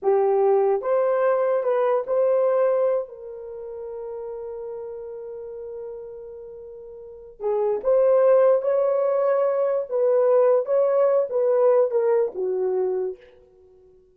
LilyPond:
\new Staff \with { instrumentName = "horn" } { \time 4/4 \tempo 4 = 146 g'2 c''2 | b'4 c''2~ c''8 ais'8~ | ais'1~ | ais'1~ |
ais'2 gis'4 c''4~ | c''4 cis''2. | b'2 cis''4. b'8~ | b'4 ais'4 fis'2 | }